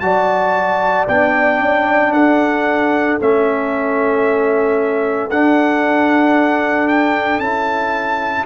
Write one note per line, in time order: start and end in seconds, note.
0.00 1.08 F#3
0.00 1.07 F#4
0.00 2.13 D5
0.00 1.05 A5
1.08 1.59 B3
1.08 3.20 D4
1.08 2.13 G5
1.59 2.12 C#4
2.12 3.17 D4
2.12 8.45 A4
2.12 3.18 F#5
3.20 5.29 A3
3.20 5.30 C#4
3.20 5.30 E5
5.29 7.39 D4
5.29 7.42 D4
5.29 6.88 F#5
6.88 7.40 G5
7.39 8.44 C#4
7.39 8.46 E4
7.39 8.45 A5